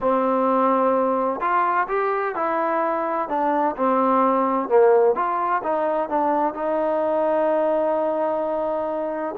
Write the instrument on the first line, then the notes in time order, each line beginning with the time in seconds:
trombone
0.00 C4
1.40 F4
1.88 G4
2.35 E4
3.28 D4
3.76 C4
4.69 A#3
5.15 F4
5.63 D#4
6.09 D4
6.54 D#4